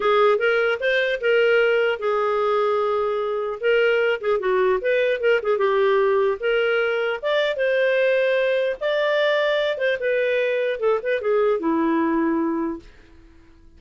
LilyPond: \new Staff \with { instrumentName = "clarinet" } { \time 4/4 \tempo 4 = 150 gis'4 ais'4 c''4 ais'4~ | ais'4 gis'2.~ | gis'4 ais'4. gis'8 fis'4 | b'4 ais'8 gis'8 g'2 |
ais'2 d''4 c''4~ | c''2 d''2~ | d''8 c''8 b'2 a'8 b'8 | gis'4 e'2. | }